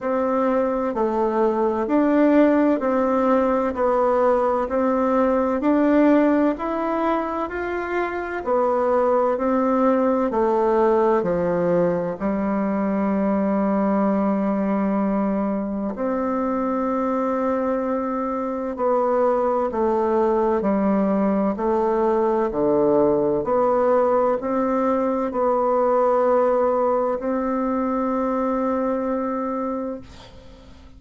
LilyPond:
\new Staff \with { instrumentName = "bassoon" } { \time 4/4 \tempo 4 = 64 c'4 a4 d'4 c'4 | b4 c'4 d'4 e'4 | f'4 b4 c'4 a4 | f4 g2.~ |
g4 c'2. | b4 a4 g4 a4 | d4 b4 c'4 b4~ | b4 c'2. | }